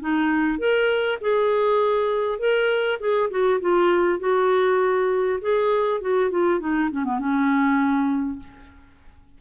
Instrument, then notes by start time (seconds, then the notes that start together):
clarinet
0.00 D#4
0.59 A#4
1.21 G#4
2.39 A#4
2.99 G#4
3.30 F#4
3.61 F4
4.19 F#4
5.41 G#4
6.01 F#4
6.30 F4
6.60 D#4
6.91 C#4
7.04 B3
7.19 C#4